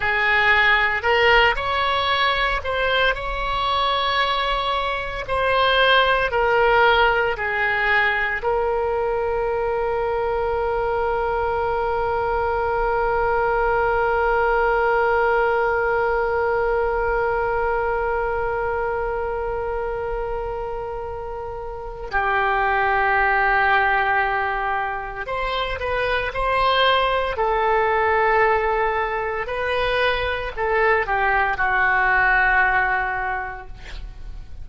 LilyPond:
\new Staff \with { instrumentName = "oboe" } { \time 4/4 \tempo 4 = 57 gis'4 ais'8 cis''4 c''8 cis''4~ | cis''4 c''4 ais'4 gis'4 | ais'1~ | ais'1~ |
ais'1~ | ais'4 g'2. | c''8 b'8 c''4 a'2 | b'4 a'8 g'8 fis'2 | }